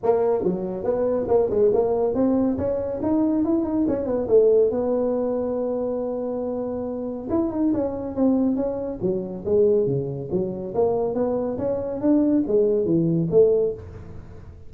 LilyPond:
\new Staff \with { instrumentName = "tuba" } { \time 4/4 \tempo 4 = 140 ais4 fis4 b4 ais8 gis8 | ais4 c'4 cis'4 dis'4 | e'8 dis'8 cis'8 b8 a4 b4~ | b1~ |
b4 e'8 dis'8 cis'4 c'4 | cis'4 fis4 gis4 cis4 | fis4 ais4 b4 cis'4 | d'4 gis4 e4 a4 | }